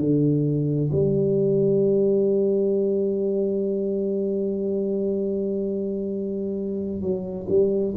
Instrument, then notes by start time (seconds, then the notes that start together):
tuba
0.00 D3
0.93 G3
7.02 F#3
7.50 G3